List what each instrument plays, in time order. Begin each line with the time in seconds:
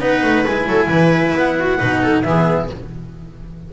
0.00 double bass B3, cello D#4, viola B4, clarinet F#5
0.23 double bass A3
0.46 double bass G#3, cello E4, clarinet G#5
0.66 double bass F#3, viola A4
0.88 double bass E3, viola B4
1.35 double bass B3, clarinet F#5
1.59 viola F#4
1.79 double bass B2, cello D#4, viola B4
2.02 viola A4
2.22 double bass E3, cello B3, viola G#4, clarinet E5